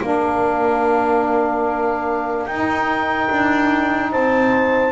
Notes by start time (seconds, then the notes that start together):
0.00 A#3 D4 A#4 F5
2.46 D#4 G5
3.30 D4
4.11 C4 C5 A5